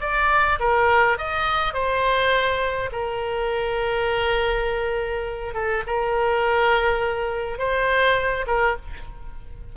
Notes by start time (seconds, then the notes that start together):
0.00 D5
0.59 A#4
1.17 D#5
1.73 C5
2.92 A#4
5.54 A4
5.86 A#4
7.58 C5
8.46 A#4